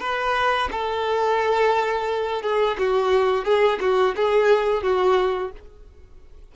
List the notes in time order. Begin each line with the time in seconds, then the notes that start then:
0.00 B4
0.71 A4
2.42 G#4
2.78 F#4
3.45 G#4
3.81 F#4
4.16 G#4
4.83 F#4